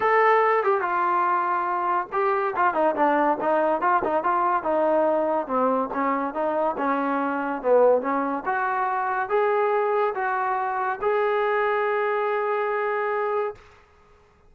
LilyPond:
\new Staff \with { instrumentName = "trombone" } { \time 4/4 \tempo 4 = 142 a'4. g'8 f'2~ | f'4 g'4 f'8 dis'8 d'4 | dis'4 f'8 dis'8 f'4 dis'4~ | dis'4 c'4 cis'4 dis'4 |
cis'2 b4 cis'4 | fis'2 gis'2 | fis'2 gis'2~ | gis'1 | }